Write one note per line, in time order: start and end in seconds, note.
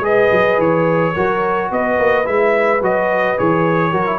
0.00 0.28 G#3
0.00 1.13 G#4
0.00 1.14 B4
0.00 0.60 D#5
0.31 0.58 F#3
0.58 1.13 E3
0.58 1.71 C#5
1.14 1.70 F#3
1.14 2.24 F#4
1.14 1.69 A#4
1.70 1.98 B3
1.70 3.91 B4
1.70 2.26 D#5
1.99 2.26 A#3
2.24 2.81 G#3
2.24 2.80 E4
2.24 2.82 E5
2.81 3.37 F#3
2.81 3.37 F#4
2.81 3.38 D#5
3.37 3.93 E3
3.37 3.92 G#4
3.37 4.19 C#5
3.91 4.19 F#3
3.91 4.05 F#4
3.91 4.18 A#4
4.05 4.19 E4